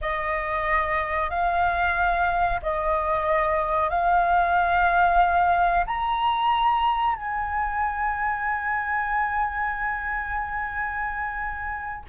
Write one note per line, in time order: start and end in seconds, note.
0.01 1.30 D#5
1.30 2.60 F5
2.62 3.89 D#5
3.89 5.85 F5
5.86 7.15 A#5
7.15 12.04 G#5